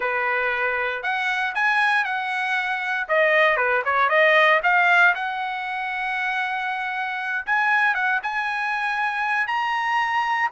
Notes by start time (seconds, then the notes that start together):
0.00 B4
1.02 F#5
1.55 G#5
2.04 F#5
3.08 D#5
3.56 B4
3.84 C#5
4.09 D#5
4.63 F5
5.14 F#5
7.45 G#5
7.94 F#5
8.22 G#5
9.47 A#5